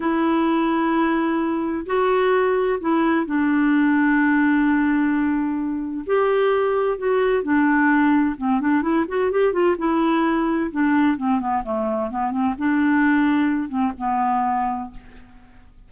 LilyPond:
\new Staff \with { instrumentName = "clarinet" } { \time 4/4 \tempo 4 = 129 e'1 | fis'2 e'4 d'4~ | d'1~ | d'4 g'2 fis'4 |
d'2 c'8 d'8 e'8 fis'8 | g'8 f'8 e'2 d'4 | c'8 b8 a4 b8 c'8 d'4~ | d'4. c'8 b2 | }